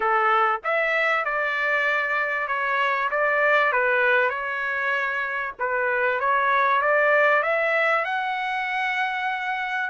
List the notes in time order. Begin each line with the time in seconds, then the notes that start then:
0.00 A4
0.64 E5
1.24 D5
2.47 C#5
3.11 D5
3.72 B4
4.29 C#5
5.59 B4
6.20 C#5
6.81 D5
7.43 E5
8.04 F#5